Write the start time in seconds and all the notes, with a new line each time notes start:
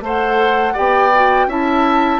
0.00 A3 A4 C5 F#5
0.73 B3 G4 D5 G5
1.14 F#4
1.46 C#4 E4 E5 A5